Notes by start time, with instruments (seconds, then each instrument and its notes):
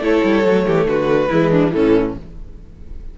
0.00 cello A3, viola E4, violin A4 C#5
0.24 cello G3
0.45 cello F#3, viola A3
0.66 cello E3, violin G4
0.86 cello D3, violin F#4 B4
1.30 cello E3, viola G#3, violin E4
1.51 violin D4
1.71 cello A2, viola E3, violin C#4 A4